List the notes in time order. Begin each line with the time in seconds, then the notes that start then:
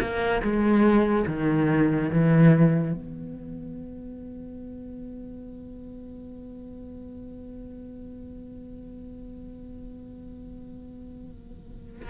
0.00 A#3
0.42 G#3
1.27 D#3
2.10 E3
2.93 B3